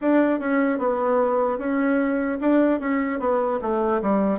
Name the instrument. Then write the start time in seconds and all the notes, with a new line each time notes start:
bassoon
0.01 D4
0.39 C#4
0.78 B3
1.58 C#4
2.40 D4
2.80 C#4
3.19 B3
3.61 A3
4.01 G3